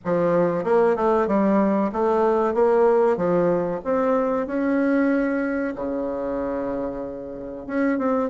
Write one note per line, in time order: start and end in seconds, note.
0.04 0.64 F3
0.64 0.95 A#3
0.96 1.27 A3
1.27 1.91 G3
1.92 2.54 A3
2.54 3.17 A#3
3.17 3.80 F3
3.84 4.47 C4
4.47 5.74 C#4
5.75 7.66 C#3
7.66 7.98 C#4
7.98 8.29 C4